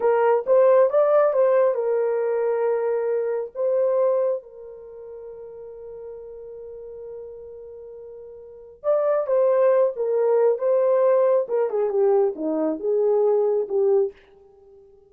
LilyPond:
\new Staff \with { instrumentName = "horn" } { \time 4/4 \tempo 4 = 136 ais'4 c''4 d''4 c''4 | ais'1 | c''2 ais'2~ | ais'1~ |
ais'1 | d''4 c''4. ais'4. | c''2 ais'8 gis'8 g'4 | dis'4 gis'2 g'4 | }